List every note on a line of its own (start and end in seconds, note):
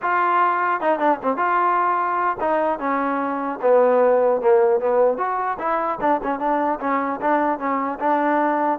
0.02 0.80 F4
0.80 0.99 D#4
0.99 1.19 D4
1.22 1.37 C4
1.37 2.37 F4
2.40 2.79 D#4
2.79 3.59 C#4
3.61 4.41 B3
4.41 4.79 A#3
4.79 5.17 B3
5.17 5.57 F#4
5.58 5.98 E4
6.00 6.20 D4
6.23 6.39 C#4
6.39 6.79 D4
6.80 7.20 C#4
7.21 7.58 D4
7.58 7.98 C#4
7.99 8.79 D4